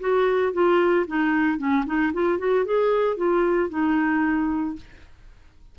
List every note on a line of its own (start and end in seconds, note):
0.00 0.53 F#4
0.53 1.06 F4
1.07 1.58 D#4
1.58 1.84 C#4
1.86 2.12 D#4
2.13 2.39 F4
2.39 2.65 F#4
2.65 3.17 G#4
3.17 3.70 F4
3.70 4.76 D#4